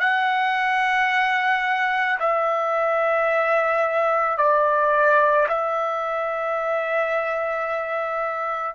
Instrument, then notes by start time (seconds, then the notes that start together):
trumpet
0.00 F#5
2.20 E5
4.37 D5
5.48 E5